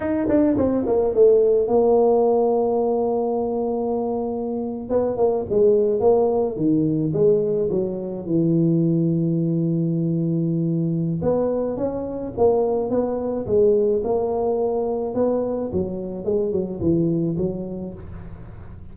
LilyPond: \new Staff \with { instrumentName = "tuba" } { \time 4/4 \tempo 4 = 107 dis'8 d'8 c'8 ais8 a4 ais4~ | ais1~ | ais8. b8 ais8 gis4 ais4 dis16~ | dis8. gis4 fis4 e4~ e16~ |
e1 | b4 cis'4 ais4 b4 | gis4 ais2 b4 | fis4 gis8 fis8 e4 fis4 | }